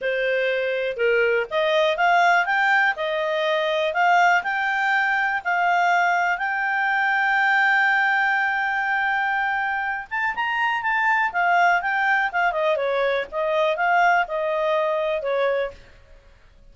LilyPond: \new Staff \with { instrumentName = "clarinet" } { \time 4/4 \tempo 4 = 122 c''2 ais'4 dis''4 | f''4 g''4 dis''2 | f''4 g''2 f''4~ | f''4 g''2.~ |
g''1~ | g''8 a''8 ais''4 a''4 f''4 | g''4 f''8 dis''8 cis''4 dis''4 | f''4 dis''2 cis''4 | }